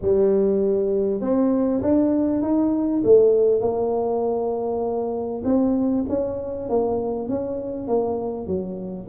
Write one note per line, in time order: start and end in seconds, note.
0.01 1.20 G3
1.20 1.81 C4
1.82 2.41 D4
2.41 3.02 D#4
3.04 3.61 A3
3.61 5.42 A#3
5.44 6.05 C4
6.09 6.69 C#4
6.69 7.29 A#3
7.29 7.87 C#4
7.87 8.47 A#3
8.47 9.07 F#3